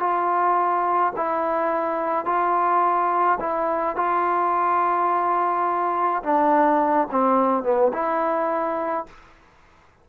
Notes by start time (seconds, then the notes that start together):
0.00 F4
1.17 E4
2.25 F4
3.40 E4
3.96 F4
6.23 D4
7.11 C4
7.64 B3
7.93 E4